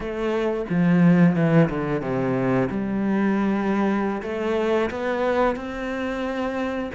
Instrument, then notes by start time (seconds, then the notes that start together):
cello
0.00 A3
0.69 F3
1.35 E3
1.69 D3
2.01 C3
2.70 G3
4.22 A3
4.90 B3
5.56 C4